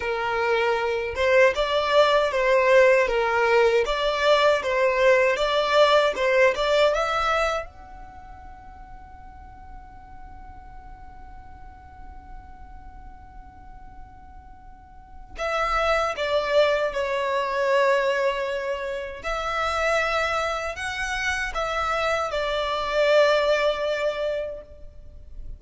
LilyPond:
\new Staff \with { instrumentName = "violin" } { \time 4/4 \tempo 4 = 78 ais'4. c''8 d''4 c''4 | ais'4 d''4 c''4 d''4 | c''8 d''8 e''4 fis''2~ | fis''1~ |
fis''1 | e''4 d''4 cis''2~ | cis''4 e''2 fis''4 | e''4 d''2. | }